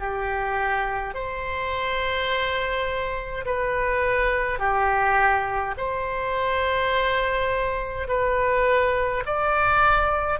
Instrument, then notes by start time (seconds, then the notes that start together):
oboe
0.00 G4
1.15 C5
3.46 B4
4.59 G4
5.78 C5
8.08 B4
9.26 D5